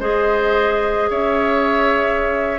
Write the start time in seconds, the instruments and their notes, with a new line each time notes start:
0.00 bassoon G#3, clarinet G#4, oboe C5, flute D#5
1.10 bassoon C#4, oboe C#5, flute E5